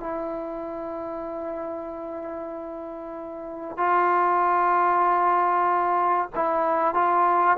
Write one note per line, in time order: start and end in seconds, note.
0.00 3.77 E4
3.77 6.30 F4
6.35 6.94 E4
6.94 7.57 F4